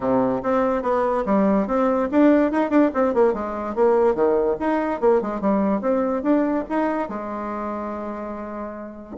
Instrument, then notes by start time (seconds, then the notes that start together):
bassoon
0.00 C3
0.42 C4
0.82 B3
1.25 G3
1.67 C4
2.11 D4
2.51 D#4
2.70 D4
2.94 C4
3.13 A#3
3.33 G#3
3.75 A#3
4.14 D#3
4.59 D#4
5.00 A#3
5.21 G#3
5.40 G3
5.81 C4
6.22 D4
6.69 D#4
7.08 G#3